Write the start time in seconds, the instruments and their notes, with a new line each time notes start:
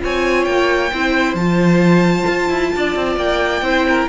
0.00 cello C4, viola F4, violin C#5 G#5
0.45 cello A#3, violin G5
0.92 cello C4, viola E4, violin C5
1.35 cello F3, viola F4, violin A5
2.27 cello F4
2.50 cello E4
2.76 cello D4, violin D5
2.96 cello C4
3.17 cello A#3, violin G5
3.62 cello C4, viola E4, violin C5
3.89 violin A#4